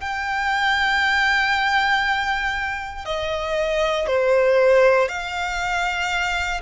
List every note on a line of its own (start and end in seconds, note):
0.00 3.05 G5
3.05 4.06 D#5
4.06 5.08 C5
5.08 6.60 F5